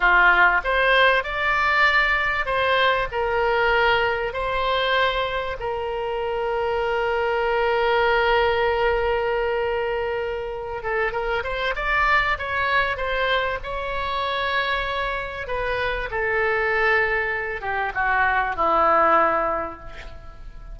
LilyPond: \new Staff \with { instrumentName = "oboe" } { \time 4/4 \tempo 4 = 97 f'4 c''4 d''2 | c''4 ais'2 c''4~ | c''4 ais'2.~ | ais'1~ |
ais'4. a'8 ais'8 c''8 d''4 | cis''4 c''4 cis''2~ | cis''4 b'4 a'2~ | a'8 g'8 fis'4 e'2 | }